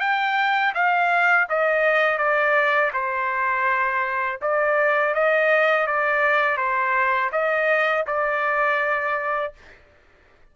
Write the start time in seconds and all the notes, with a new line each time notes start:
0.00 G5
0.74 F5
1.49 D#5
2.18 D5
2.93 C5
4.42 D5
5.14 D#5
5.87 D5
6.58 C5
7.32 D#5
8.07 D5